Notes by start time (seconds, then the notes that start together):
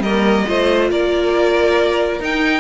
0.00 G3 A#3 A#4 D#5
0.47 A3 F4 C5
0.91 A#3 A#4 D5
2.20 D#4 G5